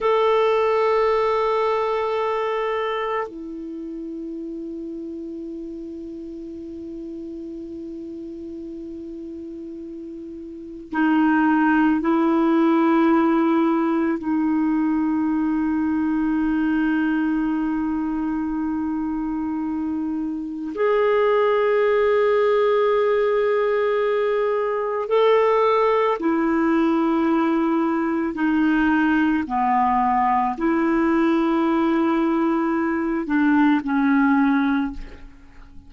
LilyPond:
\new Staff \with { instrumentName = "clarinet" } { \time 4/4 \tempo 4 = 55 a'2. e'4~ | e'1~ | e'2 dis'4 e'4~ | e'4 dis'2.~ |
dis'2. gis'4~ | gis'2. a'4 | e'2 dis'4 b4 | e'2~ e'8 d'8 cis'4 | }